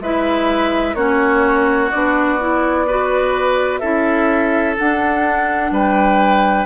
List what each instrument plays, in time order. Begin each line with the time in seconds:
0.00 bassoon G#3, clarinet E4, oboe B4, flute E5
0.94 bassoon A#3, clarinet C#4, oboe F#4, flute C#5
1.91 bassoon B3, clarinet D4, flute D5
2.39 clarinet E4
2.86 clarinet F#4, oboe B4
3.79 bassoon C#4, clarinet E4, oboe A4, flute E5
4.77 clarinet D4, bassoon D4, flute F#5
5.71 bassoon G3, oboe B4, flute G5